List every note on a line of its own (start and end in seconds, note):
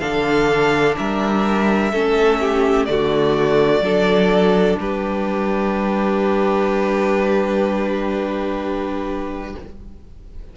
0.00 0.97 D3
0.00 1.92 D4
0.00 0.96 A4
0.00 0.95 F5
0.98 1.93 G3
0.98 1.92 A#4
0.98 2.86 E5
1.92 2.88 A3
1.92 2.88 C#4
1.92 2.40 A4
2.41 2.88 G4
2.86 3.81 D3
2.86 3.83 A3
2.86 3.85 F#4
2.86 4.77 D5
3.81 4.76 F#3
3.81 9.57 D4
3.81 4.80 A4
4.79 9.55 G3
4.79 9.57 G4
4.79 9.57 B4